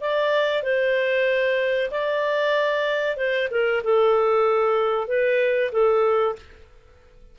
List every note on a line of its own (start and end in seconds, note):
0.00 0.62 D5
0.62 1.90 C5
1.90 3.16 D5
3.16 3.48 C5
3.50 3.82 A#4
3.83 5.07 A4
5.07 5.71 B4
5.72 6.35 A4